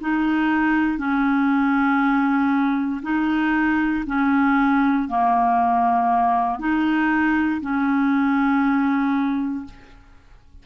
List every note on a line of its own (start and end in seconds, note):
0.00 0.98 D#4
0.98 3.01 C#4
3.02 4.04 D#4
4.06 5.08 C#4
5.08 6.59 A#3
6.59 7.60 D#4
7.61 9.64 C#4